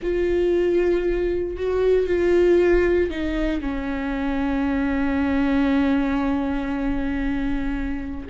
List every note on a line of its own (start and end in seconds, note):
0.02 1.57 F4
1.57 2.06 F#4
2.06 3.10 F4
3.10 3.61 D#4
3.61 8.26 C#4